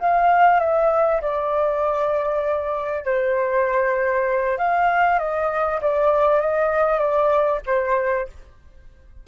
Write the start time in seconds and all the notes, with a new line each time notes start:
0.00 F5
0.60 E5
1.22 D5
3.05 C5
4.58 F5
5.19 D#5
5.82 D5
6.41 D#5
6.99 D5
7.67 C5